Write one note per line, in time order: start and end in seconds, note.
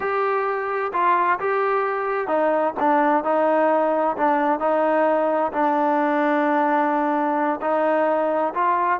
0.00 0.91 G4
0.93 1.39 F4
1.39 2.27 G4
2.27 2.73 D#4
2.79 3.24 D4
3.24 4.16 D#4
4.16 4.59 D4
4.59 5.52 D#4
5.52 7.59 D4
7.61 8.53 D#4
8.54 9.00 F4